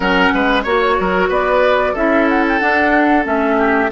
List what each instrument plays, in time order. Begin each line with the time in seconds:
0.00 bassoon F#3, clarinet C#4, oboe A#4, flute F#5
0.34 bassoon G#3, oboe B4
0.63 bassoon A#3, clarinet F#4, oboe C#5, flute C#5
0.99 bassoon F#3, oboe A#4
1.28 bassoon B3, oboe B4, flute D5
1.93 bassoon C#4, clarinet E4, oboe A4, flute E5
2.28 flute F#5
2.48 flute G5
2.59 clarinet D4, bassoon D4, flute F#5
3.23 bassoon A3, clarinet C#4, flute E5
3.57 oboe G4